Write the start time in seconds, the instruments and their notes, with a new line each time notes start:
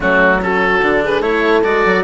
0.00 bassoon F#3, cello A3, horn C#4, oboe F#4
0.40 cello C#4, horn F#4, oboe A4
0.82 bassoon D3, cello D4
1.03 horn G#4, oboe B4
1.20 bassoon A3, cello E4, horn A4, oboe C#5
1.63 bassoon G#3, cello F#4, oboe D5
1.85 bassoon F#3